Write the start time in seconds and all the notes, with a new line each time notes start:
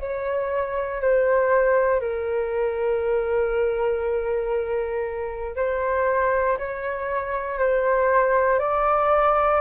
0.00 C#5
1.02 C5
2.01 A#4
5.56 C5
6.58 C#5
7.59 C5
8.59 D5